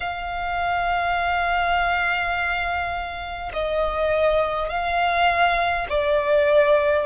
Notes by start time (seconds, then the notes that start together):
0.00 F5
3.53 D#5
4.69 F5
5.89 D5